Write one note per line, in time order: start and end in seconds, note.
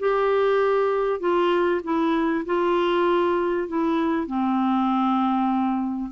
0.00 1.20 G4
1.20 1.81 F4
1.84 2.45 E4
2.46 3.68 F4
3.68 4.27 E4
4.27 6.11 C4